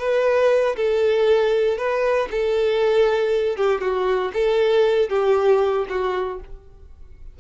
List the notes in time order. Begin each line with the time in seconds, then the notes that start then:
0.00 B4
0.77 A4
1.78 B4
2.31 A4
3.57 G4
3.81 F#4
4.34 A4
5.10 G4
5.89 F#4